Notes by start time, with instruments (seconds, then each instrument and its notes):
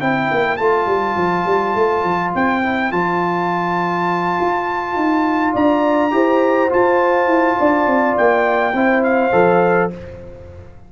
0.00 tuba C4, trombone E4, horn C5, trumpet G5
0.31 tuba A#3
0.57 tuba A3, trombone F4, trumpet A5
0.87 tuba G3
1.16 tuba F3
1.46 tuba G3
1.75 tuba A3
2.04 tuba F3
2.35 tuba C4, trumpet G5
2.63 trombone E4
2.92 tuba F3, trombone F4, trumpet A5
4.40 tuba F4
4.96 tuba D#4
5.53 tuba D4, horn D5, trumpet A#5
6.11 tuba E4, trombone G4, horn C5
6.69 trombone F4, tuba F4, trumpet A5
7.27 tuba E4
7.59 tuba D4, horn D5
7.87 tuba C4
8.17 tuba A#3, trumpet G5
8.73 tuba C4, trombone E4, horn C5
9.03 trumpet F5
9.32 tuba F3, trombone A4